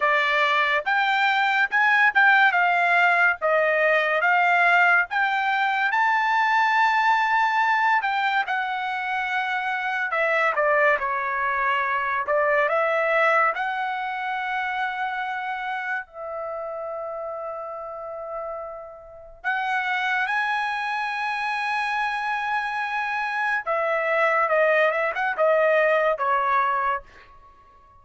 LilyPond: \new Staff \with { instrumentName = "trumpet" } { \time 4/4 \tempo 4 = 71 d''4 g''4 gis''8 g''8 f''4 | dis''4 f''4 g''4 a''4~ | a''4. g''8 fis''2 | e''8 d''8 cis''4. d''8 e''4 |
fis''2. e''4~ | e''2. fis''4 | gis''1 | e''4 dis''8 e''16 fis''16 dis''4 cis''4 | }